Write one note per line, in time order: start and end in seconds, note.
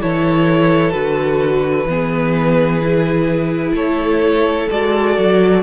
0.00 0.94 E3
0.00 0.92 E4
0.00 1.88 A4
0.00 0.92 C#5
0.92 1.85 D3
0.92 1.85 F#4
0.92 3.73 B4
1.85 3.72 E3
1.85 2.81 B3
1.85 3.76 G#4
2.81 4.69 E4
3.73 4.67 A3
3.73 5.63 A4
3.73 4.69 C#5
4.70 5.18 G#3
4.70 5.63 F#4
4.70 5.63 D5
5.18 5.63 F#3